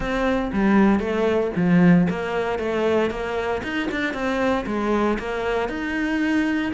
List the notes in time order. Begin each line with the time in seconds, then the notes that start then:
0.00 C4
0.52 G3
0.99 A3
1.56 F3
2.09 A#3
2.59 A3
3.10 A#3
3.63 D#4
3.91 D4
4.13 C4
4.66 G#3
5.18 A#3
5.68 D#4